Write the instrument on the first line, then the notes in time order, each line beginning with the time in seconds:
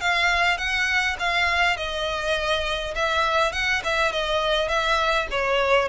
violin
0.00 F5
0.57 F#5
1.19 F5
1.76 D#5
2.95 E5
3.52 F#5
3.83 E5
4.11 D#5
4.68 E5
5.30 C#5